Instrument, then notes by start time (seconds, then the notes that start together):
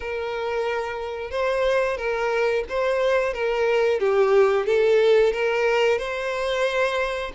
violin
0.00 A#4
1.31 C5
1.97 A#4
2.68 C5
3.33 A#4
3.99 G4
4.66 A4
5.32 A#4
5.98 C5